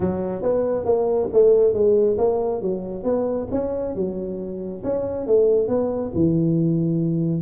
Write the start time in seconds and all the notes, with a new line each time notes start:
0.00 F#3
0.42 B3
0.85 A#3
1.33 A3
1.73 G#3
2.18 A#3
2.61 F#3
3.03 B3
3.51 C#4
3.95 F#3
4.83 C#4
5.26 A3
5.67 B3
6.14 E3